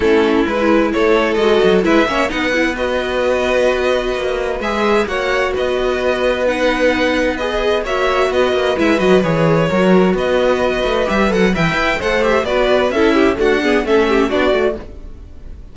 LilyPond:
<<
  \new Staff \with { instrumentName = "violin" } { \time 4/4 \tempo 4 = 130 a'4 b'4 cis''4 dis''4 | e''4 fis''4 dis''2~ | dis''2 e''4 fis''4 | dis''2 fis''2 |
dis''4 e''4 dis''4 e''8 dis''8 | cis''2 dis''2 | e''8 fis''8 g''4 fis''8 e''8 d''4 | e''4 fis''4 e''4 d''4 | }
  \new Staff \with { instrumentName = "violin" } { \time 4/4 e'2 a'2 | b'8 cis''8 b'2.~ | b'2. cis''4 | b'1~ |
b'4 cis''4 b'2~ | b'4 ais'4 b'2~ | b'4 e''4 c''4 b'4 | a'8 g'8 fis'8 gis'8 a'8 g'8 fis'4 | }
  \new Staff \with { instrumentName = "viola" } { \time 4/4 cis'4 e'2 fis'4 | e'8 cis'8 dis'8 e'8 fis'2~ | fis'2 gis'4 fis'4~ | fis'2 dis'2 |
gis'4 fis'2 e'8 fis'8 | gis'4 fis'2. | g'8 a'8 b'4 a'8 g'8 fis'4 | e'4 a8 b8 cis'4 d'8 fis'8 | }
  \new Staff \with { instrumentName = "cello" } { \time 4/4 a4 gis4 a4 gis8 fis8 | gis8 ais8 b2.~ | b4 ais4 gis4 ais4 | b1~ |
b4 ais4 b8 ais8 gis8 fis8 | e4 fis4 b4. a8 | g8 fis8 e8 e'8 a4 b4 | cis'4 d'4 a4 b8 a8 | }
>>